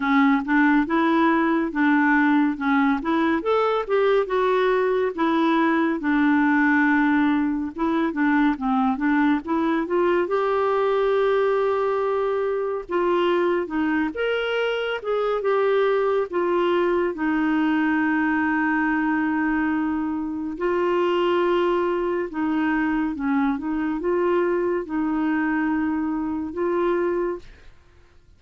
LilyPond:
\new Staff \with { instrumentName = "clarinet" } { \time 4/4 \tempo 4 = 70 cis'8 d'8 e'4 d'4 cis'8 e'8 | a'8 g'8 fis'4 e'4 d'4~ | d'4 e'8 d'8 c'8 d'8 e'8 f'8 | g'2. f'4 |
dis'8 ais'4 gis'8 g'4 f'4 | dis'1 | f'2 dis'4 cis'8 dis'8 | f'4 dis'2 f'4 | }